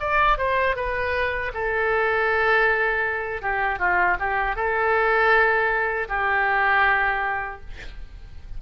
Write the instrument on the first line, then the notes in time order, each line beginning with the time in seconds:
oboe
0.00 D5
0.38 C5
0.76 B4
1.54 A4
3.42 G4
3.79 F4
4.20 G4
4.56 A4
6.09 G4